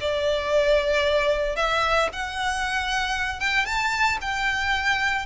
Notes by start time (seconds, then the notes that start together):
0.00 D5
1.56 E5
2.12 F#5
3.39 G5
3.65 A5
4.21 G5